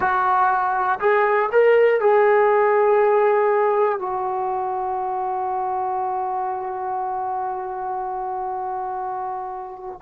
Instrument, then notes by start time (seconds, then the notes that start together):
trombone
0.00 F#4
1.00 G#4
1.51 A#4
2.00 G#4
3.99 F#4